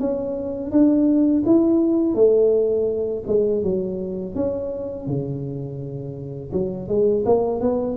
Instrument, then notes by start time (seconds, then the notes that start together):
tuba
0.00 C#4
0.72 D4
1.46 E4
2.15 A3
3.27 G#3
3.63 F#3
4.35 C#4
5.07 C#3
6.52 F#3
6.88 G#3
7.26 A#3
7.61 B3